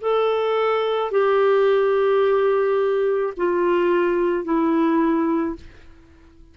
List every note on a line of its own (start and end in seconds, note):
0.00 1.11 A4
1.11 3.33 G4
3.36 4.44 F4
4.44 5.55 E4